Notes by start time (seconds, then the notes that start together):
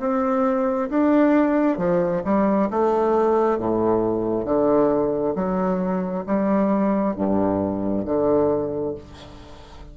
0.00 C4
0.90 D4
1.78 F3
2.25 G3
2.71 A3
3.59 A2
4.45 D3
5.35 F#3
6.27 G3
7.16 G2
8.06 D3